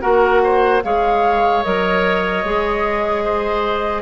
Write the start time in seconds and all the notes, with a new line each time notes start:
0.00 A#3 F#4 A#4 F#5
0.43 C5
0.83 G#3 G#4 C#5 F5
1.63 F#3 A#4 D#5
2.43 G#3 G#4
3.24 C5